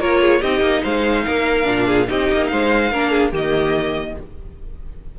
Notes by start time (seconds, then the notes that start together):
0.00 A#3 F4 A#4 C#5
0.21 G#4
0.41 C4 D#4 G4 D#5
0.61 A#3
0.83 G#3 C5 F5
1.26 A#3 A#4
1.64 A#2 D4
1.87 G#4
2.08 C4 D#4 G4 D#5
2.32 A#3
2.47 G#3 C5 F5
2.92 A#3 D4 A#4
3.11 G#4
3.32 D#3 A#3 G4 D#5